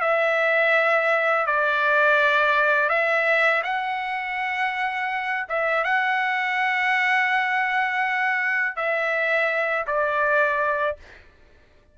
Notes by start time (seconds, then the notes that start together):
0.00 E5
1.46 D5
2.89 E5
3.63 F#5
5.48 E5
5.84 F#5
8.76 E5
9.86 D5